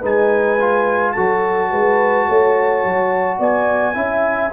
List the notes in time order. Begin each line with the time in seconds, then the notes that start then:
0.00 G#3 D#4 B4 G#5
0.60 F4
1.12 F#3 F#4 A4 A5
1.72 G#3 B4
2.29 A3 C#5
2.85 F#3
3.38 B3 D5 G#5
3.95 C#4 E4 E5